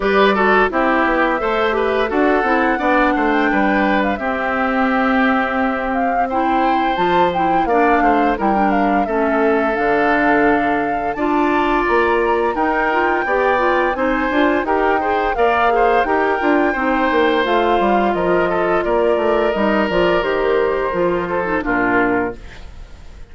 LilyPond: <<
  \new Staff \with { instrumentName = "flute" } { \time 4/4 \tempo 4 = 86 d''4 e''2 fis''4~ | fis''8. g''4 f''16 e''2~ | e''8 f''8 g''4 a''8 g''8 f''4 | g''8 f''8 e''4 f''2 |
a''4 ais''4 g''2 | gis''4 g''4 f''4 g''4~ | g''4 f''4 dis''4 d''4 | dis''8 d''8 c''2 ais'4 | }
  \new Staff \with { instrumentName = "oboe" } { \time 4/4 b'8 a'8 g'4 c''8 b'8 a'4 | d''8 c''8 b'4 g'2~ | g'4 c''2 d''8 c''8 | ais'4 a'2. |
d''2 ais'4 d''4 | c''4 ais'8 c''8 d''8 c''8 ais'4 | c''2 ais'8 a'8 ais'4~ | ais'2~ ais'8 a'8 f'4 | }
  \new Staff \with { instrumentName = "clarinet" } { \time 4/4 g'8 fis'8 e'4 a'8 g'8 fis'8 e'8 | d'2 c'2~ | c'4 e'4 f'8 e'8 d'4 | e'16 d'8. cis'4 d'2 |
f'2 dis'8 f'8 g'8 f'8 | dis'8 f'8 g'8 gis'8 ais'8 gis'8 g'8 f'8 | dis'4 f'2. | dis'8 f'8 g'4 f'8. dis'16 d'4 | }
  \new Staff \with { instrumentName = "bassoon" } { \time 4/4 g4 c'8 b8 a4 d'8 c'8 | b8 a8 g4 c'2~ | c'2 f4 ais8 a8 | g4 a4 d2 |
d'4 ais4 dis'4 b4 | c'8 d'8 dis'4 ais4 dis'8 d'8 | c'8 ais8 a8 g8 f4 ais8 a8 | g8 f8 dis4 f4 ais,4 | }
>>